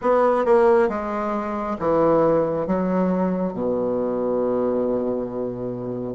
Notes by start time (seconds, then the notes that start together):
0.01 B3
0.45 A#3
0.88 G#3
1.79 E3
2.67 F#3
3.53 B2